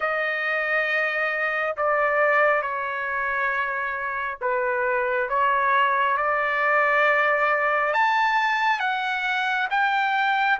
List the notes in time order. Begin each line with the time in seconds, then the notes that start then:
0.00 D#5
1.76 D5
2.61 C#5
4.41 B4
5.29 C#5
6.17 D5
7.93 A5
8.79 F#5
9.70 G5